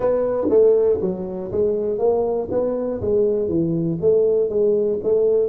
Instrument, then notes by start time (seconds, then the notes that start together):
tuba
0.00 B3
0.49 A3
1.01 F#3
1.51 G#3
1.98 A#3
2.50 B3
3.01 G#3
3.48 E3
4.00 A3
4.49 G#3
5.02 A3